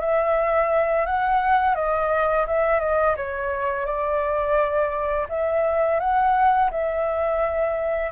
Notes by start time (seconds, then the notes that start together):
0.00 E5
1.06 F#5
1.75 D#5
2.47 E5
2.80 D#5
3.16 C#5
3.86 D5
5.29 E5
6.00 F#5
6.71 E5